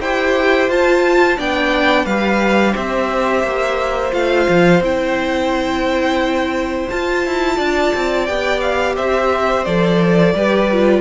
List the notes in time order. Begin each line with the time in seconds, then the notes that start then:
0.00 E4 G4 C5 G5
0.69 F4 A5
1.38 B3 D4 D5 G5
2.05 G3 G4 B4 F5
2.73 C4 C5 E5
3.44 A#3
4.12 A3 F4 F5
4.49 F3
4.81 C4 E4 G5
6.90 F4 A5
7.26 E4
7.56 D4 D5
7.95 C4
8.26 B3 G4 G5
8.61 F5
8.96 C4 C5 E5
9.65 F3 A4 D5
10.34 G3 G4 B4
10.72 F4